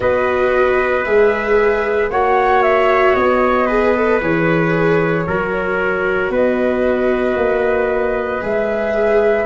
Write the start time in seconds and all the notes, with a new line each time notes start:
0.00 B3 F#4 B4 D#5
1.04 G#3 G#4 E5
2.09 A#3 F#4 C#5 F#5
2.62 E5
3.14 B3 D#5
3.66 G#4 B4
3.95 A4
4.21 E3 G#4 C#5
5.26 F#3 F#4 A#4
6.29 B3 B4 D#5
7.35 A#3
8.40 G#3 G#4 E5